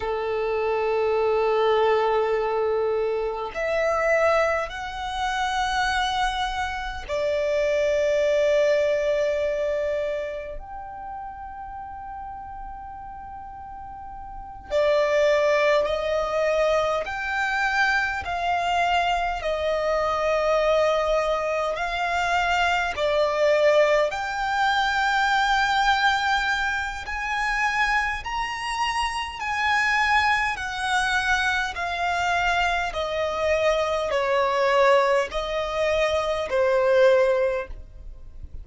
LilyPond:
\new Staff \with { instrumentName = "violin" } { \time 4/4 \tempo 4 = 51 a'2. e''4 | fis''2 d''2~ | d''4 g''2.~ | g''8 d''4 dis''4 g''4 f''8~ |
f''8 dis''2 f''4 d''8~ | d''8 g''2~ g''8 gis''4 | ais''4 gis''4 fis''4 f''4 | dis''4 cis''4 dis''4 c''4 | }